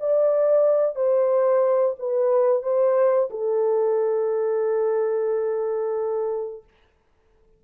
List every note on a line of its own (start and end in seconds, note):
0.00 0.95 D5
0.95 1.95 C5
1.99 2.63 B4
2.63 3.29 C5
3.30 6.64 A4